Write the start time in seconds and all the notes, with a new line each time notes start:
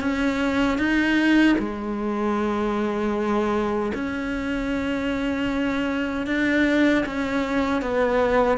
0.00 C#4
0.78 D#4
1.58 G#3
3.94 C#4
6.27 D4
7.06 C#4
7.81 B3